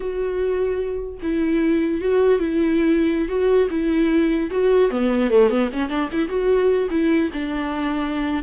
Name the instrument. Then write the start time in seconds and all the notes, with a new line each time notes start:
viola
0.00 F#4
1.22 E4
2.01 F#4
2.39 E4
3.28 F#4
3.70 E4
4.50 F#4
4.90 B3
5.30 A3
5.49 B3
5.73 C#4
5.89 D4
6.12 E4
6.28 F#4
6.90 E4
7.33 D4